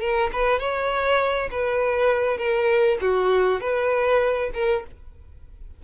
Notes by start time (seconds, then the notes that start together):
0.00 A#4
0.32 B4
0.59 C#5
1.51 B4
2.38 A#4
3.01 F#4
3.61 B4
4.54 A#4